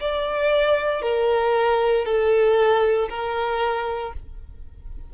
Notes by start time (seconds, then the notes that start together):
0.00 D5
1.02 A#4
2.05 A4
3.09 A#4